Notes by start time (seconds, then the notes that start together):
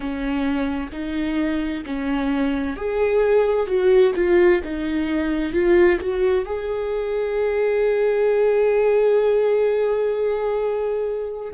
0.00 C#4
0.91 D#4
1.85 C#4
2.76 G#4
3.66 F#4
4.15 F4
4.63 D#4
5.52 F4
6.00 F#4
6.45 G#4